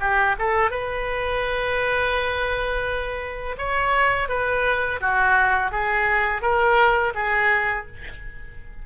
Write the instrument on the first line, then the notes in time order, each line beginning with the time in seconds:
oboe
0.00 G4
0.39 A4
0.70 B4
3.58 C#5
4.29 B4
5.00 F#4
5.71 G#4
6.42 A#4
7.15 G#4